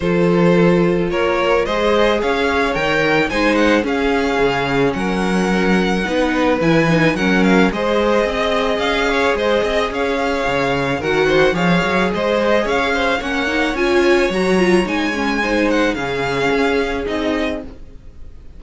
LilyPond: <<
  \new Staff \with { instrumentName = "violin" } { \time 4/4 \tempo 4 = 109 c''2 cis''4 dis''4 | f''4 g''4 gis''8 fis''8 f''4~ | f''4 fis''2. | gis''4 fis''8 f''8 dis''2 |
f''4 dis''4 f''2 | fis''4 f''4 dis''4 f''4 | fis''4 gis''4 ais''4 gis''4~ | gis''8 fis''8 f''2 dis''4 | }
  \new Staff \with { instrumentName = "violin" } { \time 4/4 a'2 ais'4 c''4 | cis''2 c''4 gis'4~ | gis'4 ais'2 b'4~ | b'4 ais'4 c''4 dis''4~ |
dis''8 cis''8 c''8 dis''8 cis''2 | ais'8 c''8 cis''4 c''4 cis''8 c''8 | cis''1 | c''4 gis'2. | }
  \new Staff \with { instrumentName = "viola" } { \time 4/4 f'2. gis'4~ | gis'4 ais'4 dis'4 cis'4~ | cis'2. dis'4 | e'8 dis'8 cis'4 gis'2~ |
gis'1 | fis'4 gis'2. | cis'8 dis'8 f'4 fis'8 f'8 dis'8 cis'8 | dis'4 cis'2 dis'4 | }
  \new Staff \with { instrumentName = "cello" } { \time 4/4 f2 ais4 gis4 | cis'4 dis4 gis4 cis'4 | cis4 fis2 b4 | e4 fis4 gis4 c'4 |
cis'4 gis8 c'8 cis'4 cis4 | dis4 f8 fis8 gis4 cis'4 | ais4 cis'4 fis4 gis4~ | gis4 cis4 cis'4 c'4 | }
>>